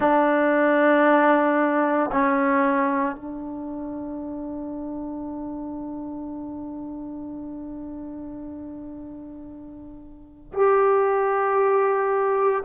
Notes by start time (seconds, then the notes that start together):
0.00 D4
2.11 C#4
3.15 D4
10.53 G4